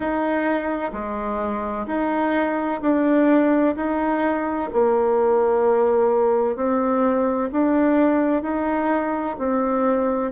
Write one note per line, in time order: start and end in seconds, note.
0.00 0.91 D#4
0.92 1.86 G#3
1.87 2.80 D#4
2.81 3.75 D4
3.75 4.69 D#4
4.72 6.55 A#3
6.55 7.49 C4
7.52 8.42 D4
8.42 9.36 D#4
9.38 10.31 C4